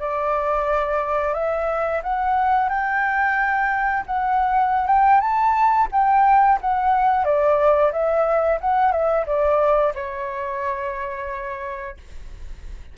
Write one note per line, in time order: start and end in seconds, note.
0.00 1.34 D5
1.34 2.02 E5
2.03 2.69 F#5
2.69 4.04 G5
4.06 4.87 F#5
4.87 5.21 G5
5.21 5.88 A5
5.92 6.59 G5
6.61 7.25 F#5
7.25 7.92 D5
7.92 8.60 E5
8.61 8.92 F#5
8.92 9.25 E5
9.26 9.94 D5
9.95 11.97 C#5